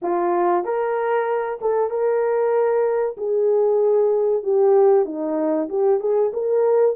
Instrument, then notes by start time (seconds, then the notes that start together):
horn
0.01 F4
0.64 A#4
1.61 A4
1.89 A#4
3.17 G#4
4.43 G4
5.05 D#4
5.69 G4
6.00 G#4
6.33 A#4